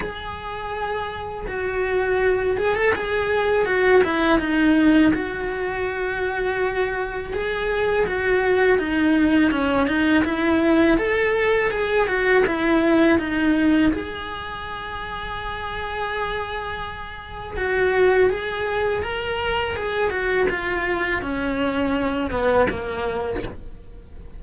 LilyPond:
\new Staff \with { instrumentName = "cello" } { \time 4/4 \tempo 4 = 82 gis'2 fis'4. gis'16 a'16 | gis'4 fis'8 e'8 dis'4 fis'4~ | fis'2 gis'4 fis'4 | dis'4 cis'8 dis'8 e'4 a'4 |
gis'8 fis'8 e'4 dis'4 gis'4~ | gis'1 | fis'4 gis'4 ais'4 gis'8 fis'8 | f'4 cis'4. b8 ais4 | }